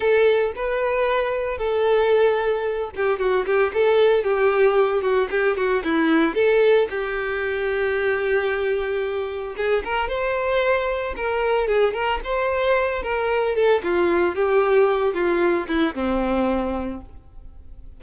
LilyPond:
\new Staff \with { instrumentName = "violin" } { \time 4/4 \tempo 4 = 113 a'4 b'2 a'4~ | a'4. g'8 fis'8 g'8 a'4 | g'4. fis'8 g'8 fis'8 e'4 | a'4 g'2.~ |
g'2 gis'8 ais'8 c''4~ | c''4 ais'4 gis'8 ais'8 c''4~ | c''8 ais'4 a'8 f'4 g'4~ | g'8 f'4 e'8 c'2 | }